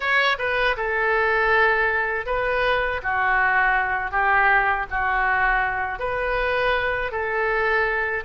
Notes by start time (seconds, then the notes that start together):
0.00 C#5
0.38 B4
0.76 A4
2.26 B4
3.02 F#4
4.10 G4
4.90 F#4
5.99 B4
7.11 A4